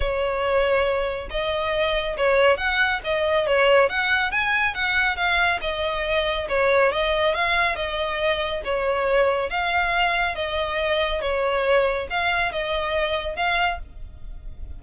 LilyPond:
\new Staff \with { instrumentName = "violin" } { \time 4/4 \tempo 4 = 139 cis''2. dis''4~ | dis''4 cis''4 fis''4 dis''4 | cis''4 fis''4 gis''4 fis''4 | f''4 dis''2 cis''4 |
dis''4 f''4 dis''2 | cis''2 f''2 | dis''2 cis''2 | f''4 dis''2 f''4 | }